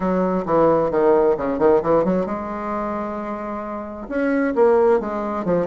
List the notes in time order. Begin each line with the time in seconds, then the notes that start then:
0.00 F#3
0.45 E3
0.90 D#3
1.37 C#3
1.58 D#3
1.82 E3
2.04 F#3
2.26 G#3
4.08 C#4
4.55 A#3
5.00 G#3
5.44 F3